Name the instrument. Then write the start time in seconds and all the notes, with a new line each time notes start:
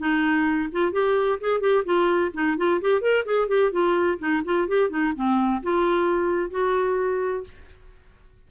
clarinet
0.00 D#4
0.73 F4
0.93 G4
1.41 G#4
1.61 G4
1.85 F4
2.34 D#4
2.58 F4
2.81 G4
3.01 A#4
3.26 G#4
3.49 G4
3.72 F4
4.20 D#4
4.46 F4
4.69 G4
4.90 D#4
5.16 C4
5.64 F4
6.51 F#4